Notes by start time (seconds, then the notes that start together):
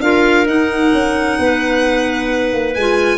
0.00 D4 F4 A#4 F5
0.46 D#4 F#5
0.92 C#4
1.38 B3 B4
2.53 A#3
2.74 G#3 F4 G#5